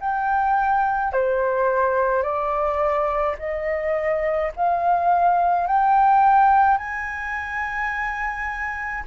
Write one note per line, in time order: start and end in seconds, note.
0.00 1.12 G5
1.12 2.22 C5
2.22 3.36 D5
3.38 4.51 D#5
4.55 5.67 F5
5.67 6.77 G5
6.77 9.04 G#5